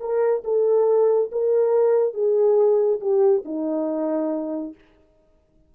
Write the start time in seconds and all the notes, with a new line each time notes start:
0.00 A#4
0.44 A4
1.31 A#4
2.14 G#4
3.00 G4
3.45 D#4